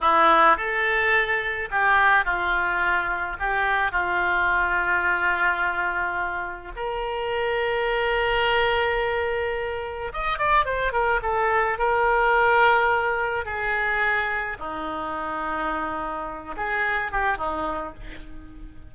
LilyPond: \new Staff \with { instrumentName = "oboe" } { \time 4/4 \tempo 4 = 107 e'4 a'2 g'4 | f'2 g'4 f'4~ | f'1 | ais'1~ |
ais'2 dis''8 d''8 c''8 ais'8 | a'4 ais'2. | gis'2 dis'2~ | dis'4. gis'4 g'8 dis'4 | }